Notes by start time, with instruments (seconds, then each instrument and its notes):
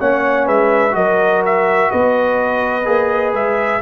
0.00 tuba A#3, trombone C#4, horn C#5, trumpet F#5
0.46 tuba G#3, horn B4, trumpet E5
0.91 tuba F#3, trombone F#4, horn A#4, trumpet D#5
1.45 trumpet E5
1.91 tuba B3, horn B4, trumpet D#5
2.85 tuba A#3, trombone G#4
3.33 tuba G#3, trumpet E5